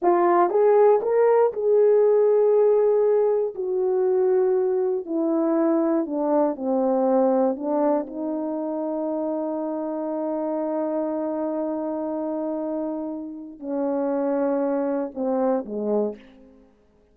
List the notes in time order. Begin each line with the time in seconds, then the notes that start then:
0.02 F4
0.50 G#4
1.02 A#4
1.52 G#4
3.54 F#4
5.05 E4
6.05 D4
6.55 C4
7.56 D4
8.06 D#4
13.59 C#4
15.14 C4
15.65 G#3